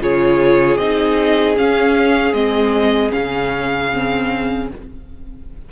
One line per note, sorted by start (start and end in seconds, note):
0.00 0.77 C#3
0.00 0.78 F4
0.00 4.69 G#4
0.00 0.77 C#5
0.77 1.55 C4
0.77 1.55 D#4
0.77 1.55 D#5
1.55 2.33 C#4
1.55 2.33 F5
2.33 3.11 G#3
2.33 3.10 C4
2.33 3.11 D#5
3.10 4.71 C#3
3.10 3.88 C#4
3.10 4.68 F5
3.93 4.71 C4